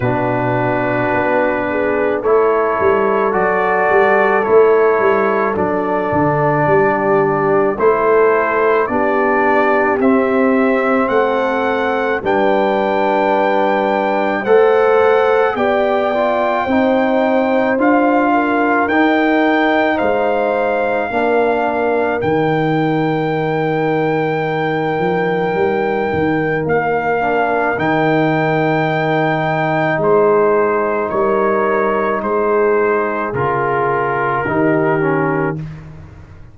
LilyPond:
<<
  \new Staff \with { instrumentName = "trumpet" } { \time 4/4 \tempo 4 = 54 b'2 cis''4 d''4 | cis''4 d''2 c''4 | d''4 e''4 fis''4 g''4~ | g''4 fis''4 g''2 |
f''4 g''4 f''2 | g''1 | f''4 g''2 c''4 | cis''4 c''4 ais'2 | }
  \new Staff \with { instrumentName = "horn" } { \time 4/4 fis'4. gis'8 a'2~ | a'2 g'4 a'4 | g'2 a'4 b'4~ | b'4 c''4 d''4 c''4~ |
c''8 ais'4. c''4 ais'4~ | ais'1~ | ais'2. gis'4 | ais'4 gis'2 g'4 | }
  \new Staff \with { instrumentName = "trombone" } { \time 4/4 d'2 e'4 fis'4 | e'4 d'2 e'4 | d'4 c'2 d'4~ | d'4 a'4 g'8 f'8 dis'4 |
f'4 dis'2 d'4 | dis'1~ | dis'8 d'8 dis'2.~ | dis'2 f'4 dis'8 cis'8 | }
  \new Staff \with { instrumentName = "tuba" } { \time 4/4 b,4 b4 a8 g8 fis8 g8 | a8 g8 fis8 d8 g4 a4 | b4 c'4 a4 g4~ | g4 a4 b4 c'4 |
d'4 dis'4 gis4 ais4 | dis2~ dis8 f8 g8 dis8 | ais4 dis2 gis4 | g4 gis4 cis4 dis4 | }
>>